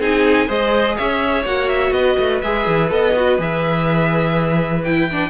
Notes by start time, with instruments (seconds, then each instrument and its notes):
0.00 cello C4, viola D#4, violin G#4 G#5
0.47 cello G#3, viola G#4, violin C5 D#5
0.97 cello C#4, violin C#5 E5
1.45 cello A#3, viola F#4, violin F#5
1.69 violin E5
1.92 cello B3, violin B4 D#5
2.19 cello A3
2.41 cello G#3, viola G#4, violin E5
2.67 cello E3
2.89 cello B3, viola A4, violin D#5
3.16 viola F#4
3.39 cello E3, viola G#4, violin E5
4.84 viola E4, violin G5
5.11 viola D4